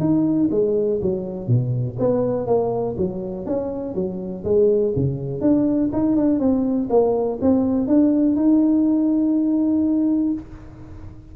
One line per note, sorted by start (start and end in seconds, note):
0.00 0.49 D#4
0.51 1.00 G#3
1.02 1.47 F#3
1.47 1.96 B2
1.99 2.47 B3
2.47 2.96 A#3
2.98 3.46 F#3
3.46 3.95 C#4
3.95 4.44 F#3
4.44 4.93 G#3
4.96 5.41 C#3
5.41 5.90 D4
5.93 6.16 D#4
6.16 6.39 D4
6.39 6.89 C4
6.90 7.39 A#3
7.42 7.88 C4
7.88 8.36 D4
8.36 10.33 D#4